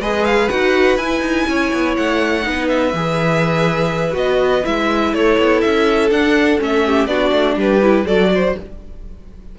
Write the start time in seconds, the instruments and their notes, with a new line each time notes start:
0.00 cello G#3, viola G#4, violin B4 D#5
0.25 violin F5
0.49 cello D#4, viola F#4, violin F#5
0.97 cello E4, viola E4, violin G#5
1.21 cello D#4
1.48 cello C#4, violin C#5
1.73 cello B3
1.97 cello A3, violin F#5
2.42 cello B3, viola D#4
2.49 violin B4
2.68 violin E5
2.93 cello E3, viola G#4
4.12 cello B3, viola F#4, violin D#5
4.65 cello G#3, viola E4, violin E5
5.13 cello A3, violin A4 C#5
5.38 cello B3
5.61 cello C#4, violin E5
6.11 viola D4, cello D4, violin F#5
6.59 cello A3, viola C#4, violin E5
6.86 violin G4
7.07 cello B3, viola D4, violin F#4 D5
7.32 cello A3
7.56 cello G3, violin G4 B4
7.82 viola E4
8.06 cello F#3, viola F#4, violin A4 D5
8.35 violin C5